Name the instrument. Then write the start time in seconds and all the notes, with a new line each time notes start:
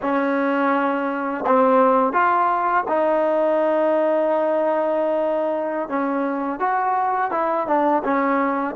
trombone
0.02 C#4
1.46 C4
2.12 F4
2.88 D#4
5.88 C#4
6.59 F#4
7.31 E4
7.67 D4
8.04 C#4